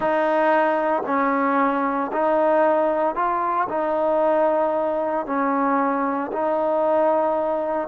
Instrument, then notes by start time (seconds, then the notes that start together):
trombone
0.00 D#4
1.06 C#4
2.12 D#4
3.15 F4
3.68 D#4
5.25 C#4
6.32 D#4